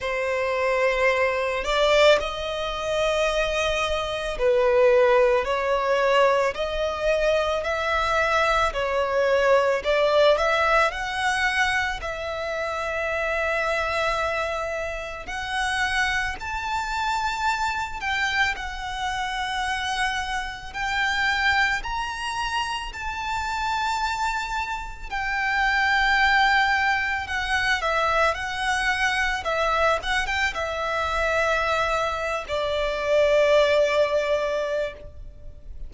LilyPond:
\new Staff \with { instrumentName = "violin" } { \time 4/4 \tempo 4 = 55 c''4. d''8 dis''2 | b'4 cis''4 dis''4 e''4 | cis''4 d''8 e''8 fis''4 e''4~ | e''2 fis''4 a''4~ |
a''8 g''8 fis''2 g''4 | ais''4 a''2 g''4~ | g''4 fis''8 e''8 fis''4 e''8 fis''16 g''16 | e''4.~ e''16 d''2~ d''16 | }